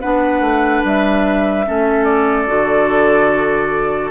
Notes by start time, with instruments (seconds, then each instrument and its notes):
0.00 bassoon B3, clarinet D4, oboe B4, flute F#5
0.40 bassoon A3
0.84 bassoon G3, flute E5
1.65 bassoon A3, clarinet C#4, oboe A4
2.04 flute D5
2.47 bassoon D3, clarinet F#4